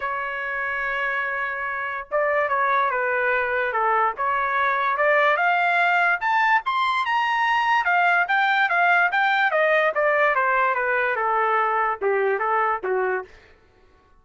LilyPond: \new Staff \with { instrumentName = "trumpet" } { \time 4/4 \tempo 4 = 145 cis''1~ | cis''4 d''4 cis''4 b'4~ | b'4 a'4 cis''2 | d''4 f''2 a''4 |
c'''4 ais''2 f''4 | g''4 f''4 g''4 dis''4 | d''4 c''4 b'4 a'4~ | a'4 g'4 a'4 fis'4 | }